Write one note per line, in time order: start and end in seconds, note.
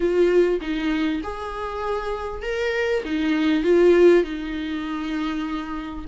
0.00 0.59 F4
0.61 1.21 D#4
1.23 2.42 G#4
2.42 3.03 A#4
3.04 3.63 D#4
3.63 4.23 F4
4.23 6.05 D#4